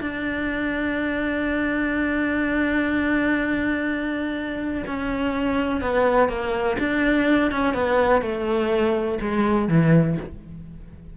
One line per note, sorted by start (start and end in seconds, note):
0.00 4.84 D4
4.87 5.81 C#4
5.81 6.29 B3
6.29 6.77 A#3
6.79 7.51 D4
7.51 7.74 C#4
7.74 8.21 B3
8.21 9.18 A3
9.21 9.68 G#3
9.68 10.17 E3